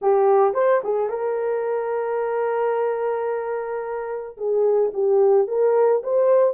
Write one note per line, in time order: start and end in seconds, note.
0.01 0.54 G4
0.54 0.81 C5
0.83 1.09 G#4
1.09 4.36 A#4
4.37 4.91 G#4
4.93 5.47 G4
5.47 6.02 A#4
6.03 6.54 C5